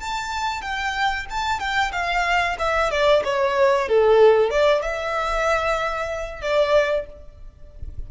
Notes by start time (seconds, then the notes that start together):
0.00 A5
0.62 G5
1.30 A5
1.60 G5
1.92 F5
2.59 E5
2.91 D5
3.24 C#5
3.88 A4
4.51 D5
4.82 E5
6.42 D5